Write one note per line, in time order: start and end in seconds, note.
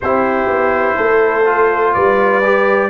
0.01 0.47 C4
0.01 1.45 E4
0.01 0.96 G4
0.01 1.93 C5
0.47 0.95 B3
0.96 1.95 A3
0.96 1.93 A4
1.45 2.42 F4
1.93 2.89 G3
1.93 2.89 B4
1.93 2.89 D5
2.44 2.89 G4